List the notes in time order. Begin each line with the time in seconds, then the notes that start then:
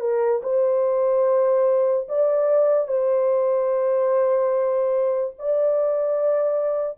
0.00 A#4
0.43 C5
2.08 D5
2.87 C5
5.38 D5